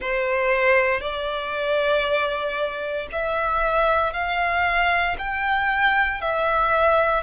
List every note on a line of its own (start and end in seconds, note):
0.00 1.01 C5
1.01 3.08 D5
3.12 4.13 E5
4.13 5.16 F5
5.18 6.21 G5
6.21 7.23 E5